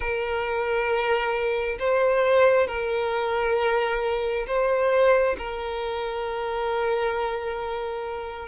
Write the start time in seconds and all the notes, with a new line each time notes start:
0.00 A#4
1.79 C5
2.67 A#4
4.47 C5
5.38 A#4